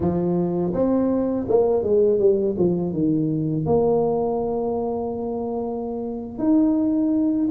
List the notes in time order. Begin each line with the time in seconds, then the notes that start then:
0.00 F3
0.73 C4
1.48 A#3
1.83 G#3
2.19 G3
2.57 F3
2.92 D#3
3.66 A#3
6.38 D#4